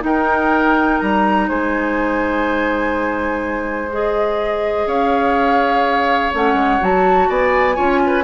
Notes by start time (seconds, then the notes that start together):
0.00 D#4 A#4 G5
0.99 G3 A#5
1.48 G#3 C5 G#5
3.91 G#4 D#5
4.86 C#4 C#5 F5
6.32 A3 C#4 F#5
6.53 G#3
6.80 F#3 F#4 A5
7.28 B3 D5 G#5
7.74 C#4 F4 C#5
8.06 B4